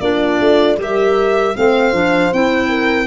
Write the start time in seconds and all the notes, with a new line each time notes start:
0.00 A#3 D4 F4 D5
0.40 A3
0.77 G3 G4 A#4 E5
1.55 A3 C4 C5 F5
1.92 F3 D4
2.32 C4 E4 G5
2.69 A#4